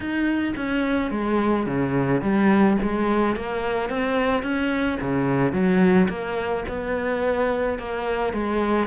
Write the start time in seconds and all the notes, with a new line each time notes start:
0.00 D#4
0.56 C#4
1.11 G#3
1.66 C#3
2.21 G3
2.82 G#3
3.35 A#3
3.89 C4
4.43 C#4
5.01 C#3
5.52 F#3
6.08 A#3
6.68 B3
7.79 A#3
8.33 G#3